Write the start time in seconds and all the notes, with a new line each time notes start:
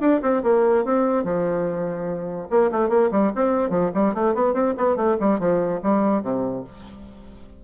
0.00 D4
0.22 C4
0.43 A#3
0.84 C4
1.24 F3
2.50 A#3
2.71 A3
2.89 A#3
3.11 G3
3.35 C4
3.70 F3
3.94 G3
4.14 A3
4.35 B3
4.53 C4
4.77 B3
4.96 A3
5.20 G3
5.39 F3
5.83 G3
6.22 C3